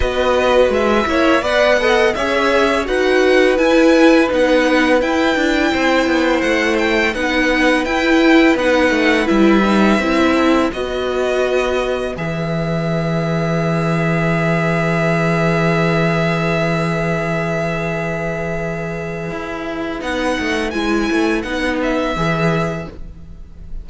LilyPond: <<
  \new Staff \with { instrumentName = "violin" } { \time 4/4 \tempo 4 = 84 dis''4 e''4 fis''4 e''4 | fis''4 gis''4 fis''4 g''4~ | g''4 fis''8 g''8 fis''4 g''4 | fis''4 e''2 dis''4~ |
dis''4 e''2.~ | e''1~ | e''1 | fis''4 gis''4 fis''8 e''4. | }
  \new Staff \with { instrumentName = "violin" } { \time 4/4 b'4. cis''8 d''8 dis''8 cis''4 | b'1 | c''2 b'2~ | b'2~ b'8 a'8 b'4~ |
b'1~ | b'1~ | b'1~ | b'1 | }
  \new Staff \with { instrumentName = "viola" } { \time 4/4 fis'4. e'8 b'8 a'8 gis'4 | fis'4 e'4 dis'4 e'4~ | e'2 dis'4 e'4 | dis'4 e'8 dis'8 e'4 fis'4~ |
fis'4 gis'2.~ | gis'1~ | gis'1 | dis'4 e'4 dis'4 gis'4 | }
  \new Staff \with { instrumentName = "cello" } { \time 4/4 b4 gis8 ais8 b4 cis'4 | dis'4 e'4 b4 e'8 d'8 | c'8 b8 a4 b4 e'4 | b8 a8 g4 c'4 b4~ |
b4 e2.~ | e1~ | e2. e'4 | b8 a8 gis8 a8 b4 e4 | }
>>